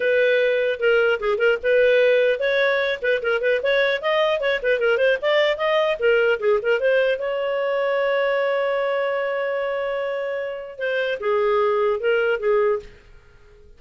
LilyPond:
\new Staff \with { instrumentName = "clarinet" } { \time 4/4 \tempo 4 = 150 b'2 ais'4 gis'8 ais'8 | b'2 cis''4. b'8 | ais'8 b'8 cis''4 dis''4 cis''8 b'8 | ais'8 c''8 d''4 dis''4 ais'4 |
gis'8 ais'8 c''4 cis''2~ | cis''1~ | cis''2. c''4 | gis'2 ais'4 gis'4 | }